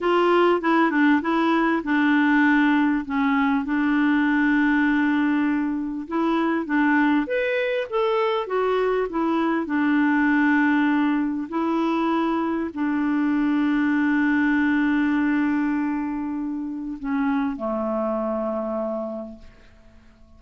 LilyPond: \new Staff \with { instrumentName = "clarinet" } { \time 4/4 \tempo 4 = 99 f'4 e'8 d'8 e'4 d'4~ | d'4 cis'4 d'2~ | d'2 e'4 d'4 | b'4 a'4 fis'4 e'4 |
d'2. e'4~ | e'4 d'2.~ | d'1 | cis'4 a2. | }